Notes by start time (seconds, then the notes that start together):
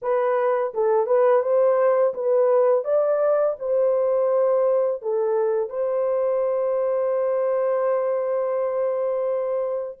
0.02 B4
0.73 A4
1.06 B4
1.42 C5
2.14 B4
2.84 D5
3.59 C5
5.02 A4
5.69 C5